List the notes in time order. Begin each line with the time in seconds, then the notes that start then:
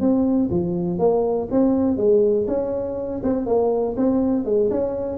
0.00 C4
0.50 F3
0.98 A#3
1.51 C4
1.97 G#3
2.47 C#4
3.23 C4
3.46 A#3
3.96 C4
4.44 G#3
4.70 C#4